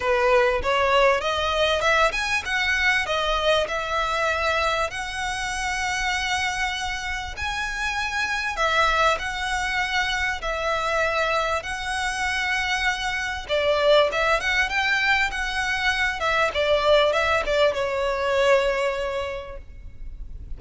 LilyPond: \new Staff \with { instrumentName = "violin" } { \time 4/4 \tempo 4 = 98 b'4 cis''4 dis''4 e''8 gis''8 | fis''4 dis''4 e''2 | fis''1 | gis''2 e''4 fis''4~ |
fis''4 e''2 fis''4~ | fis''2 d''4 e''8 fis''8 | g''4 fis''4. e''8 d''4 | e''8 d''8 cis''2. | }